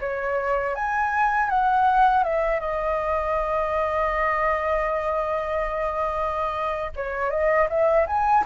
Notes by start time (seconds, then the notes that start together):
0.00 C#5
0.75 G#5
1.49 F#5
2.23 E5
2.60 D#5
6.96 C#5
7.30 D#5
7.69 E5
8.07 G#5